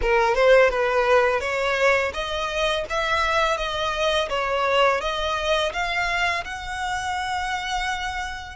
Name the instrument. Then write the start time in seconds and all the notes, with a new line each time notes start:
violin
0.01 A#4
0.34 C5
0.69 B4
1.40 C#5
2.13 D#5
2.89 E5
3.57 D#5
4.29 C#5
5.01 D#5
5.72 F5
6.44 F#5